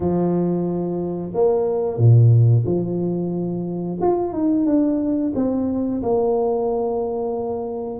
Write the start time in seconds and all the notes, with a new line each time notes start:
0.00 F3
1.33 A#3
1.97 A#2
2.65 F3
4.01 F4
4.32 D#4
4.65 D4
5.35 C4
6.02 A#3